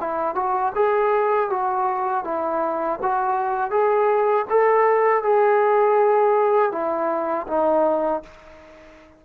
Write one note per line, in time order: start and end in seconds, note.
0.00 0.35 E4
0.35 0.72 F#4
0.75 1.50 G#4
1.50 2.24 F#4
2.24 2.99 E4
3.02 3.71 F#4
3.71 4.46 G#4
4.50 5.23 A4
5.23 6.72 G#4
6.72 7.47 E4
7.47 8.22 D#4